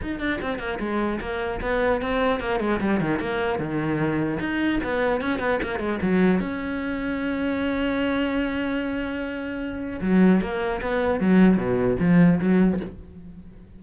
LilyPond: \new Staff \with { instrumentName = "cello" } { \time 4/4 \tempo 4 = 150 dis'8 d'8 c'8 ais8 gis4 ais4 | b4 c'4 ais8 gis8 g8 dis8 | ais4 dis2 dis'4 | b4 cis'8 b8 ais8 gis8 fis4 |
cis'1~ | cis'1~ | cis'4 fis4 ais4 b4 | fis4 b,4 f4 fis4 | }